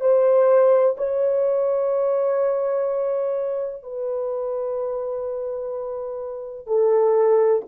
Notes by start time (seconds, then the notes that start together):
0.00 C5
0.97 C#5
3.83 B4
6.67 A4